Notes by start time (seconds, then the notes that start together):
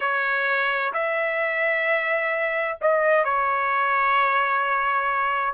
0.00 C#5
0.93 E5
2.81 D#5
3.24 C#5